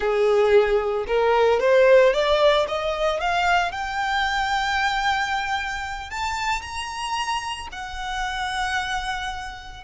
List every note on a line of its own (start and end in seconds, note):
0.00 1.05 G#4
1.07 1.60 A#4
1.60 2.13 C5
2.13 2.66 D5
2.68 3.20 D#5
3.20 3.71 F5
3.71 6.10 G5
6.10 6.61 A5
6.61 7.67 A#5
7.71 9.84 F#5